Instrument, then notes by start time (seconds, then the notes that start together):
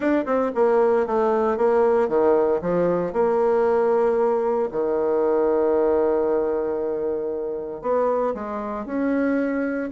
bassoon
0.00 D4
0.25 C4
0.55 A#3
1.06 A3
1.57 A#3
2.08 D#3
2.61 F3
3.12 A#3
4.71 D#3
7.81 B3
8.34 G#3
8.85 C#4